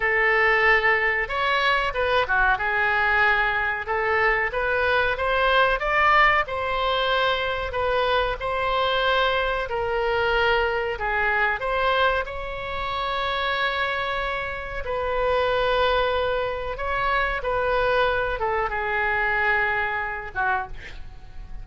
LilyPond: \new Staff \with { instrumentName = "oboe" } { \time 4/4 \tempo 4 = 93 a'2 cis''4 b'8 fis'8 | gis'2 a'4 b'4 | c''4 d''4 c''2 | b'4 c''2 ais'4~ |
ais'4 gis'4 c''4 cis''4~ | cis''2. b'4~ | b'2 cis''4 b'4~ | b'8 a'8 gis'2~ gis'8 fis'8 | }